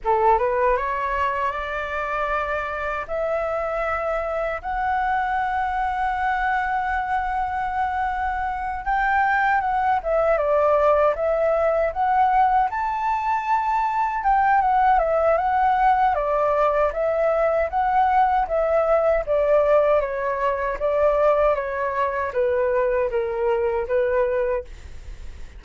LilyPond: \new Staff \with { instrumentName = "flute" } { \time 4/4 \tempo 4 = 78 a'8 b'8 cis''4 d''2 | e''2 fis''2~ | fis''2.~ fis''8 g''8~ | g''8 fis''8 e''8 d''4 e''4 fis''8~ |
fis''8 a''2 g''8 fis''8 e''8 | fis''4 d''4 e''4 fis''4 | e''4 d''4 cis''4 d''4 | cis''4 b'4 ais'4 b'4 | }